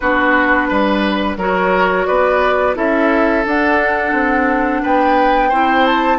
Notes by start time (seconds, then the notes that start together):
0.00 B3 D4 F#4 B4
0.68 G3 B4
1.36 F#3 F#4 A#4 C#5
2.06 B3 B4 D5
2.75 C#4 E4 A4 E5
3.45 D4 F#5
4.12 C4
4.82 B3 B4 G5
5.48 C4 E4 C5
5.86 A5